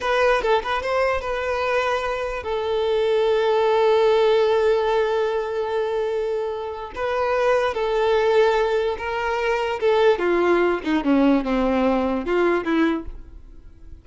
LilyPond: \new Staff \with { instrumentName = "violin" } { \time 4/4 \tempo 4 = 147 b'4 a'8 b'8 c''4 b'4~ | b'2 a'2~ | a'1~ | a'1~ |
a'4 b'2 a'4~ | a'2 ais'2 | a'4 f'4. dis'8 cis'4 | c'2 f'4 e'4 | }